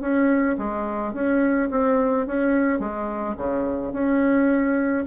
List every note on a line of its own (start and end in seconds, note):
0.00 0.56 C#4
0.58 1.13 G#3
1.13 1.69 C#4
1.70 2.26 C4
2.26 2.79 C#4
2.79 3.35 G#3
3.37 3.92 C#3
3.92 5.04 C#4